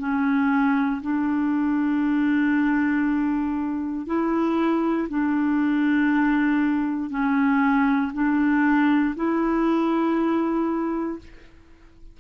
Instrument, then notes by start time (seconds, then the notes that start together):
clarinet
0.00 C#4
1.02 D4
4.07 E4
5.09 D4
7.10 C#4
8.14 D4
9.16 E4